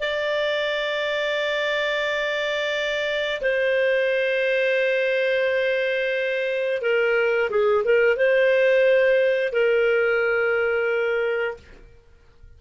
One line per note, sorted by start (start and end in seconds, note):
0.00 3.41 D5
3.41 6.82 C5
6.82 7.50 A#4
7.50 7.84 G#4
7.84 8.16 A#4
8.16 9.52 C5
9.52 11.57 A#4